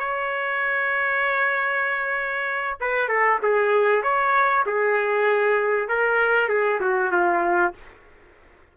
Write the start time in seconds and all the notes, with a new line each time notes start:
0.00 C#5
2.81 B4
3.09 A4
3.43 G#4
4.03 C#5
4.66 G#4
5.89 A#4
6.49 G#4
6.81 F#4
7.12 F4